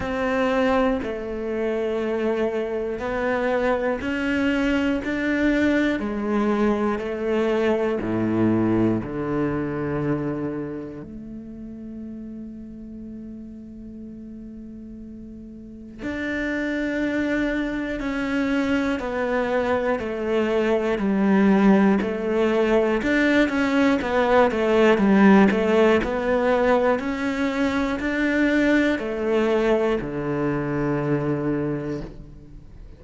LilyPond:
\new Staff \with { instrumentName = "cello" } { \time 4/4 \tempo 4 = 60 c'4 a2 b4 | cis'4 d'4 gis4 a4 | a,4 d2 a4~ | a1 |
d'2 cis'4 b4 | a4 g4 a4 d'8 cis'8 | b8 a8 g8 a8 b4 cis'4 | d'4 a4 d2 | }